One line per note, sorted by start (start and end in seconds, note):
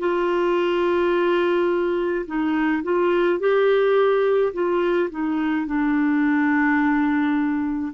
0.00 2.26 F4
2.27 2.84 D#4
2.84 3.40 F4
3.40 4.53 G4
4.53 5.10 F4
5.10 5.67 D#4
5.67 7.93 D4